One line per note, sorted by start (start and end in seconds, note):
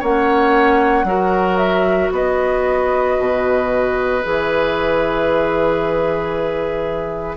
0.00 1.04 A#3
0.00 1.06 C#4
0.00 1.05 C#5
0.00 1.58 F#5
1.04 2.09 F#3
1.04 4.22 F#4
1.04 2.13 A#4
1.58 2.10 E5
2.12 3.17 B3
2.12 7.37 B4
2.12 4.24 D#5
3.20 4.25 B2
4.23 7.37 E3
4.23 7.37 G#4
4.23 7.37 E5